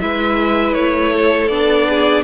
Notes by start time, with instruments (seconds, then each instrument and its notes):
0.00 cello G#3, viola E4, violin B4 E5
0.74 cello A3, violin C#5
1.13 violin A4
1.48 cello B3, viola D4, violin D5
1.90 violin G#4